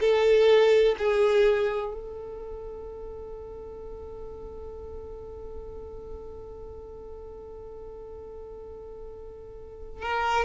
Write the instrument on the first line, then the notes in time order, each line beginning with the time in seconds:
violin
0.00 A4
0.98 G#4
1.93 A4
10.02 A#4